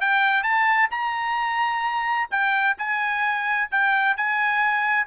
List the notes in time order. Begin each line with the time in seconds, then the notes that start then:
0.00 G5
0.43 A5
0.90 A#5
2.31 G5
2.78 G#5
3.71 G5
4.16 G#5